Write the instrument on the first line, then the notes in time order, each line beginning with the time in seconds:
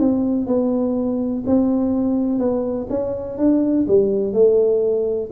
tuba
0.00 C4
0.47 B3
1.46 C4
2.39 B3
2.90 C#4
3.38 D4
3.88 G3
4.34 A3